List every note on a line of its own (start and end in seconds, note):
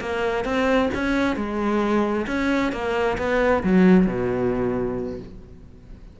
0.00 0.44 A#3
0.44 0.89 C4
0.94 1.36 C#4
1.36 2.26 G#3
2.27 2.72 C#4
2.72 3.17 A#3
3.18 3.63 B3
3.63 4.06 F#3
4.06 5.19 B2